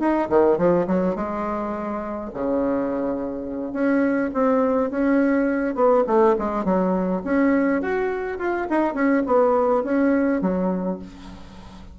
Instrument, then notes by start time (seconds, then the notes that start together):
bassoon
0.00 D#4
0.30 D#3
0.58 F3
0.88 F#3
1.16 G#3
2.34 C#3
3.73 C#4
4.35 C4
4.91 C#4
5.75 B3
6.07 A3
6.39 G#3
6.65 F#3
7.25 C#4
7.82 F#4
8.39 F4
8.70 D#4
8.95 C#4
9.26 B3
9.84 C#4
10.42 F#3